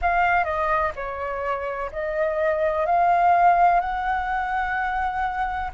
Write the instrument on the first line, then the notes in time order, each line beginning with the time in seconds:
flute
0.01 F5
0.44 D#5
0.95 C#5
1.92 D#5
2.86 F5
3.80 F#5